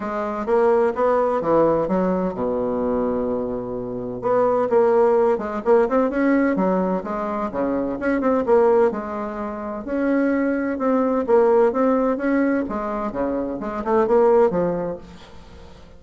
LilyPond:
\new Staff \with { instrumentName = "bassoon" } { \time 4/4 \tempo 4 = 128 gis4 ais4 b4 e4 | fis4 b,2.~ | b,4 b4 ais4. gis8 | ais8 c'8 cis'4 fis4 gis4 |
cis4 cis'8 c'8 ais4 gis4~ | gis4 cis'2 c'4 | ais4 c'4 cis'4 gis4 | cis4 gis8 a8 ais4 f4 | }